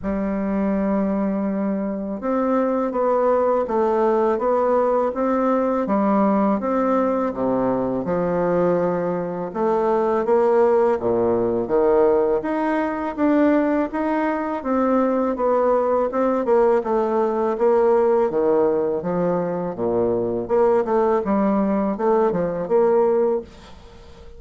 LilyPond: \new Staff \with { instrumentName = "bassoon" } { \time 4/4 \tempo 4 = 82 g2. c'4 | b4 a4 b4 c'4 | g4 c'4 c4 f4~ | f4 a4 ais4 ais,4 |
dis4 dis'4 d'4 dis'4 | c'4 b4 c'8 ais8 a4 | ais4 dis4 f4 ais,4 | ais8 a8 g4 a8 f8 ais4 | }